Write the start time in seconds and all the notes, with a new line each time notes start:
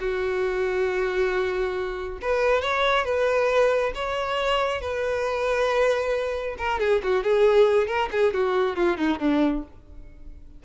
0.00 F#4
2.22 B4
2.62 C#5
3.05 B4
3.95 C#5
4.81 B4
6.58 A#4
6.80 G#4
7.03 F#4
7.23 G#4
7.87 A#4
8.12 G#4
8.34 F#4
8.76 F4
8.97 D#4
9.19 D4